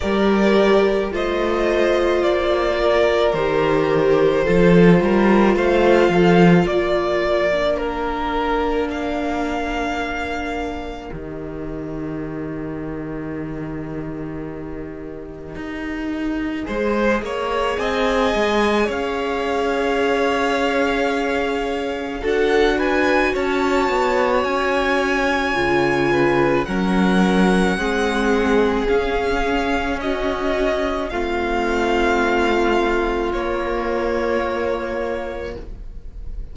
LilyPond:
<<
  \new Staff \with { instrumentName = "violin" } { \time 4/4 \tempo 4 = 54 d''4 dis''4 d''4 c''4~ | c''4 f''4 d''4 ais'4 | f''2 dis''2~ | dis''1 |
gis''4 f''2. | fis''8 gis''8 a''4 gis''2 | fis''2 f''4 dis''4 | f''2 cis''2 | }
  \new Staff \with { instrumentName = "violin" } { \time 4/4 ais'4 c''4. ais'4. | a'8 ais'8 c''8 a'8 ais'2~ | ais'1~ | ais'2. c''8 cis''8 |
dis''4 cis''2. | a'8 b'8 cis''2~ cis''8 b'8 | ais'4 gis'2 fis'4 | f'1 | }
  \new Staff \with { instrumentName = "viola" } { \time 4/4 g'4 f'2 g'4 | f'2~ f'8. d'4~ d'16~ | d'2 g'2~ | g'2. gis'4~ |
gis'1 | fis'2. f'4 | cis'4 c'4 cis'2 | c'2 ais2 | }
  \new Staff \with { instrumentName = "cello" } { \time 4/4 g4 a4 ais4 dis4 | f8 g8 a8 f8 ais2~ | ais2 dis2~ | dis2 dis'4 gis8 ais8 |
c'8 gis8 cis'2. | d'4 cis'8 b8 cis'4 cis4 | fis4 gis4 cis'2 | a2 ais2 | }
>>